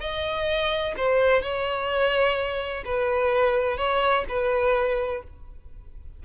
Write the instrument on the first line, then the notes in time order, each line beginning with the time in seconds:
violin
0.00 D#5
0.97 C5
1.42 C#5
2.85 B4
3.77 C#5
4.29 B4